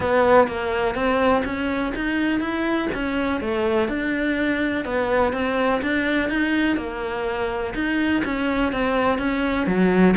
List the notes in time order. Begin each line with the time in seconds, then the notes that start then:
0.00 B3
0.47 A#3
0.94 C4
1.44 C#4
1.95 D#4
2.40 E4
2.94 C#4
3.40 A3
3.88 D4
4.84 B3
5.32 C4
5.82 D4
6.29 D#4
6.77 A#3
7.74 D#4
8.24 C#4
8.72 C4
9.18 C#4
9.67 F#3